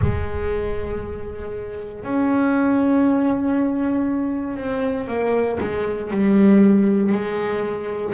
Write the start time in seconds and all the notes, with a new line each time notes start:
0.01 G#3
2.03 C#4
4.57 C4
5.07 A#3
5.60 G#3
6.10 G3
7.11 G#3